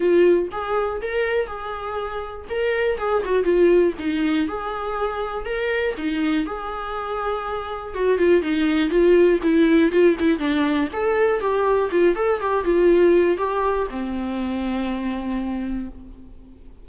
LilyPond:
\new Staff \with { instrumentName = "viola" } { \time 4/4 \tempo 4 = 121 f'4 gis'4 ais'4 gis'4~ | gis'4 ais'4 gis'8 fis'8 f'4 | dis'4 gis'2 ais'4 | dis'4 gis'2. |
fis'8 f'8 dis'4 f'4 e'4 | f'8 e'8 d'4 a'4 g'4 | f'8 a'8 g'8 f'4. g'4 | c'1 | }